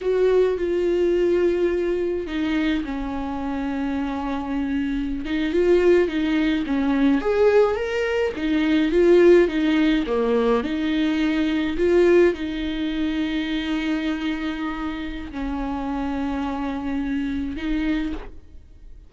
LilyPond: \new Staff \with { instrumentName = "viola" } { \time 4/4 \tempo 4 = 106 fis'4 f'2. | dis'4 cis'2.~ | cis'4~ cis'16 dis'8 f'4 dis'4 cis'16~ | cis'8. gis'4 ais'4 dis'4 f'16~ |
f'8. dis'4 ais4 dis'4~ dis'16~ | dis'8. f'4 dis'2~ dis'16~ | dis'2. cis'4~ | cis'2. dis'4 | }